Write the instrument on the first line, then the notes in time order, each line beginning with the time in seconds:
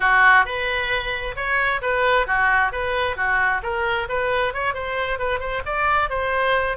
oboe
0.00 F#4
0.45 B4
1.36 C#5
1.81 B4
2.27 F#4
2.71 B4
3.16 F#4
3.62 A#4
4.08 B4
4.53 C#5
4.74 C5
5.19 B4
5.39 C5
5.65 D5
6.09 C5